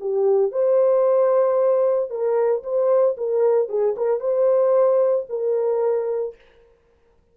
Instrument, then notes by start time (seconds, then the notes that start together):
horn
0.00 G4
0.52 C5
2.10 A#4
2.63 C5
3.17 A#4
3.69 G#4
3.97 A#4
4.20 C5
5.29 A#4